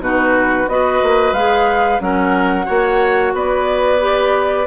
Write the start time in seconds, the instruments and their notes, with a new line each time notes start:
0.00 bassoon B2, clarinet D#4, oboe F#4, flute B4
0.68 bassoon B3, clarinet F#4, oboe B4, flute D#5
1.03 bassoon A#3
1.33 bassoon G#3, clarinet G#4, flute F5
1.99 bassoon F#3, clarinet C#4, oboe A#4, flute F#5
2.65 bassoon A#3, clarinet F#4, oboe C#5
3.34 bassoon B3, oboe B4, flute D5
4.00 clarinet G4